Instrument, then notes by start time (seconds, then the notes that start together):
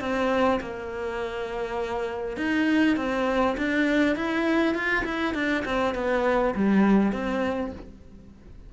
cello
0.00 C4
0.60 A#3
2.37 D#4
2.97 C4
3.57 D4
4.16 E4
4.74 F4
5.04 E4
5.34 D4
5.65 C4
5.95 B3
6.55 G3
7.12 C4